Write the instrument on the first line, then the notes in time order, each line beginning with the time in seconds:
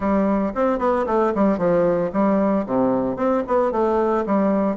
bassoon
0.00 G3
0.55 C4
0.78 B3
1.06 A3
1.34 G3
1.57 F3
2.12 G3
2.65 C3
3.16 C4
3.47 B3
3.71 A3
4.26 G3